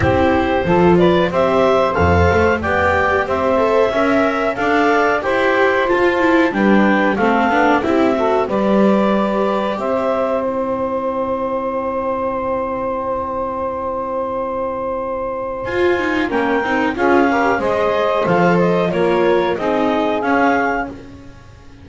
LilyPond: <<
  \new Staff \with { instrumentName = "clarinet" } { \time 4/4 \tempo 4 = 92 c''4. d''8 e''4 f''4 | g''4 e''2 f''4 | g''4 a''4 g''4 f''4 | e''4 d''2 e''4 |
g''1~ | g''1 | gis''4 g''4 f''4 dis''4 | f''8 dis''8 cis''4 dis''4 f''4 | }
  \new Staff \with { instrumentName = "saxophone" } { \time 4/4 g'4 a'8 b'8 c''2 | d''4 c''4 e''4 d''4 | c''2 b'4 a'4 | g'8 a'8 b'2 c''4~ |
c''1~ | c''1~ | c''4 ais'4 gis'8 ais'8 c''4~ | c''4 ais'4 gis'2 | }
  \new Staff \with { instrumentName = "viola" } { \time 4/4 e'4 f'4 g'4 a'4 | g'4. a'8 ais'4 a'4 | g'4 f'8 e'8 d'4 c'8 d'8 | e'8 fis'8 g'2. |
e'1~ | e'1 | f'8 dis'8 cis'8 dis'8 f'8 g'8 gis'4 | a'4 f'4 dis'4 cis'4 | }
  \new Staff \with { instrumentName = "double bass" } { \time 4/4 c'4 f4 c'4 f,8 a8 | b4 c'4 cis'4 d'4 | e'4 f'4 g4 a8 b8 | c'4 g2 c'4~ |
c'1~ | c'1 | f'4 ais8 c'8 cis'4 gis4 | f4 ais4 c'4 cis'4 | }
>>